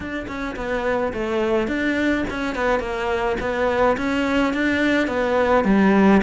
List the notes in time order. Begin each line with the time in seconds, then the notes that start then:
0.00 D4
0.27 C#4
0.56 B3
1.13 A3
1.67 D4
2.30 C#4
2.55 B3
2.79 A#3
3.40 B3
3.97 C#4
4.53 D4
5.07 B3
5.64 G3